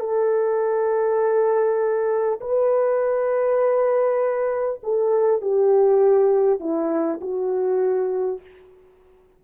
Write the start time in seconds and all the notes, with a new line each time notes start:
0.00 A4
2.41 B4
4.83 A4
5.42 G4
6.60 E4
7.21 F#4